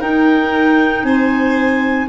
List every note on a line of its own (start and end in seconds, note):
0.00 2.07 D#4
0.00 1.03 D#4
0.00 1.04 A#4
0.00 1.05 G5
1.03 2.07 C4
1.03 2.09 C5
1.03 2.08 G#5